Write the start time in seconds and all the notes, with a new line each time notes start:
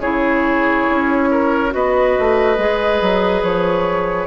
0.00 C#3 E4 G#4 C#5
0.90 C#4
1.31 A#4
1.71 B3 F#4 B4 D#5
2.19 A3
2.58 G#3 G#4
3.02 F#3
3.43 F3 C#5